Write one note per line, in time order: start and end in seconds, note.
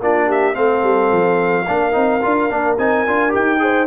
0.00 0.55 A#3
0.00 0.54 D4
0.00 0.27 F4
0.00 0.30 D5
0.27 0.54 G4
0.27 0.55 E5
0.54 0.83 A3
0.54 1.65 C4
0.54 1.66 A4
0.54 2.77 F5
0.83 1.11 G3
1.11 1.67 F3
1.67 1.95 A#3
1.67 1.92 D4
1.67 3.61 A#4
1.92 2.22 C4
1.92 2.20 D#4
2.22 2.50 D4
2.22 2.49 F4
2.49 2.78 A#3
2.49 2.77 D4
2.78 3.06 C4
2.78 3.06 D#4
2.78 3.33 G#5
3.07 3.34 D4
3.07 3.29 F4
3.29 3.57 G4
3.29 3.86 G5
3.35 3.86 D#4
3.59 3.86 G#4
3.59 3.86 C5